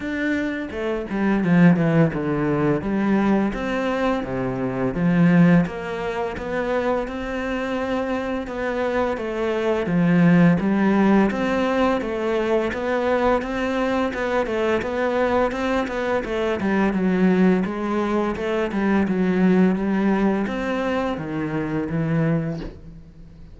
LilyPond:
\new Staff \with { instrumentName = "cello" } { \time 4/4 \tempo 4 = 85 d'4 a8 g8 f8 e8 d4 | g4 c'4 c4 f4 | ais4 b4 c'2 | b4 a4 f4 g4 |
c'4 a4 b4 c'4 | b8 a8 b4 c'8 b8 a8 g8 | fis4 gis4 a8 g8 fis4 | g4 c'4 dis4 e4 | }